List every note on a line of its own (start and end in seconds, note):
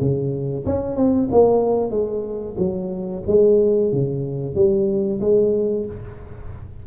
0.00 0.65 C#3
0.66 0.96 C#4
0.96 1.29 C4
1.32 1.91 A#3
1.91 2.56 G#3
2.58 3.23 F#3
3.27 3.92 G#3
3.92 4.55 C#3
4.55 5.20 G3
5.21 5.86 G#3